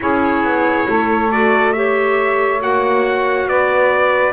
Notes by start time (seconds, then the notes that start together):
0.00 C#4 E4 G#4 C#5
0.43 B3
0.87 A3 A4
1.31 F#4 D5
1.72 G4 C#5 E5
2.60 A#3 F#4 F#5
3.46 B3 B4 D5